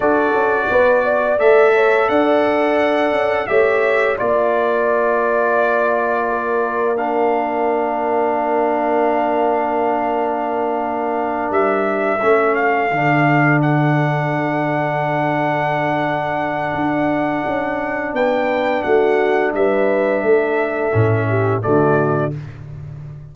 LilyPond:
<<
  \new Staff \with { instrumentName = "trumpet" } { \time 4/4 \tempo 4 = 86 d''2 e''4 fis''4~ | fis''4 e''4 d''2~ | d''2 f''2~ | f''1~ |
f''8 e''4. f''4. fis''8~ | fis''1~ | fis''2 g''4 fis''4 | e''2. d''4 | }
  \new Staff \with { instrumentName = "horn" } { \time 4/4 a'4 b'8 d''4 cis''8 d''4~ | d''4 cis''4 d''2~ | d''4 ais'2.~ | ais'1~ |
ais'4. a'2~ a'8~ | a'1~ | a'2 b'4 fis'4 | b'4 a'4. g'8 fis'4 | }
  \new Staff \with { instrumentName = "trombone" } { \time 4/4 fis'2 a'2~ | a'4 g'4 f'2~ | f'2 d'2~ | d'1~ |
d'4. cis'4 d'4.~ | d'1~ | d'1~ | d'2 cis'4 a4 | }
  \new Staff \with { instrumentName = "tuba" } { \time 4/4 d'8 cis'8 b4 a4 d'4~ | d'8 cis'8 a4 ais2~ | ais1~ | ais1~ |
ais8 g4 a4 d4.~ | d1 | d'4 cis'4 b4 a4 | g4 a4 a,4 d4 | }
>>